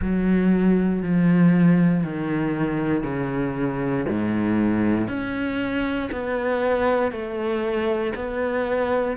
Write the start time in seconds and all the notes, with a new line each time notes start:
0.01 F#3
1.02 F3
2.03 D#3
3.03 C#3
4.08 G#2
5.08 C#4
6.11 B3
7.11 A3
8.14 B3